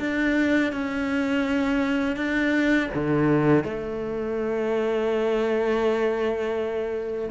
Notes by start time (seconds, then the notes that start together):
0.00 D4
0.73 C#4
2.17 D4
2.95 D3
3.65 A3